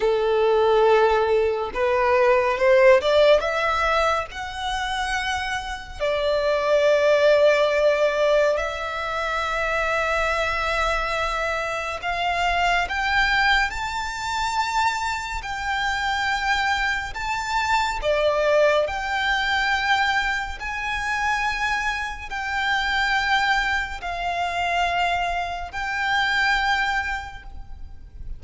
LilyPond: \new Staff \with { instrumentName = "violin" } { \time 4/4 \tempo 4 = 70 a'2 b'4 c''8 d''8 | e''4 fis''2 d''4~ | d''2 e''2~ | e''2 f''4 g''4 |
a''2 g''2 | a''4 d''4 g''2 | gis''2 g''2 | f''2 g''2 | }